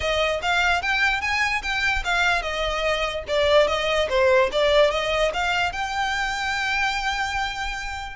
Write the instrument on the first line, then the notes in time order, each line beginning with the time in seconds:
violin
0.00 D#5
0.41 F5
0.82 G5
1.21 G#5
1.62 G5
2.04 F5
2.42 D#5
3.27 D5
3.67 D#5
4.09 C5
4.52 D5
4.90 D#5
5.33 F5
5.72 G5